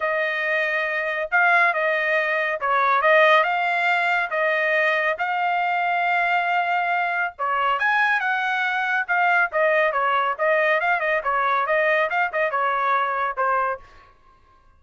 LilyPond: \new Staff \with { instrumentName = "trumpet" } { \time 4/4 \tempo 4 = 139 dis''2. f''4 | dis''2 cis''4 dis''4 | f''2 dis''2 | f''1~ |
f''4 cis''4 gis''4 fis''4~ | fis''4 f''4 dis''4 cis''4 | dis''4 f''8 dis''8 cis''4 dis''4 | f''8 dis''8 cis''2 c''4 | }